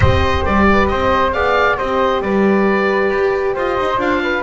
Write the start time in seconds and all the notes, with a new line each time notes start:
0.00 C4 G4 C5 D#5
0.45 G3 D5
0.71 B4
0.87 C4 C5 D#5
1.32 B3 G#4 D5 F5
1.77 C4 G4 C5 D#5
2.21 G3 B4 D5
3.10 G4
3.54 F4 C5 D#5
3.78 D#4
3.97 D4 F4 F5
4.22 B4